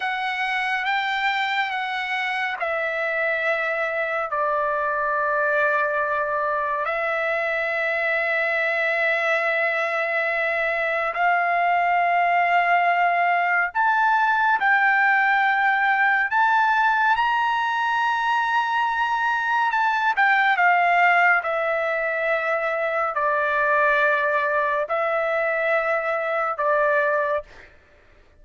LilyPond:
\new Staff \with { instrumentName = "trumpet" } { \time 4/4 \tempo 4 = 70 fis''4 g''4 fis''4 e''4~ | e''4 d''2. | e''1~ | e''4 f''2. |
a''4 g''2 a''4 | ais''2. a''8 g''8 | f''4 e''2 d''4~ | d''4 e''2 d''4 | }